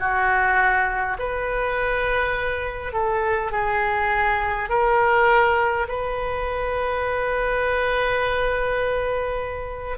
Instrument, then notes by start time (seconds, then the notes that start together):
oboe
0.00 F#4
1.19 B4
2.93 A4
3.51 G#4
4.69 A#4
5.88 B4